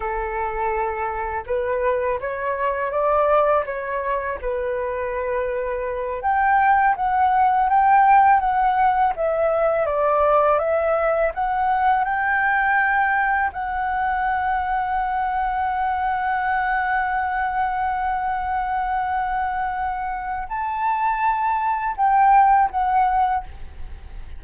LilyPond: \new Staff \with { instrumentName = "flute" } { \time 4/4 \tempo 4 = 82 a'2 b'4 cis''4 | d''4 cis''4 b'2~ | b'8 g''4 fis''4 g''4 fis''8~ | fis''8 e''4 d''4 e''4 fis''8~ |
fis''8 g''2 fis''4.~ | fis''1~ | fis''1 | a''2 g''4 fis''4 | }